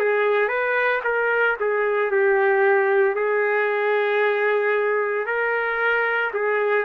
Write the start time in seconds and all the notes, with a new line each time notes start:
0.00 G#4
0.48 B4
1.04 A#4
1.60 G#4
2.11 G4
3.15 G#4
5.26 A#4
6.33 G#4